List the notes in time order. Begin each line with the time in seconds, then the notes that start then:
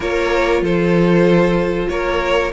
0.00 A#3 F4 A#4 C#5
0.61 F3 A4 C5
1.88 A#3 A#4 C#5